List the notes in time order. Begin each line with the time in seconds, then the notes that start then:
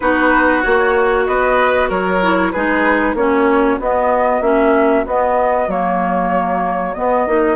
0.00 B3 D#4 F#4 B4
0.61 A#3 F#4 C#5
1.26 B3 B4 D#5
1.89 F#3 A#4 C#5
2.22 E4
2.51 G#3 D#4 G#4 B4
3.14 A#3 C#4 F#4 C#5
3.79 B3 D#5
4.41 A#3 C#4 E5
5.06 B3 D#5
5.67 F#3 A#3 C#5
6.94 B3 D#5
7.26 A#3 D#4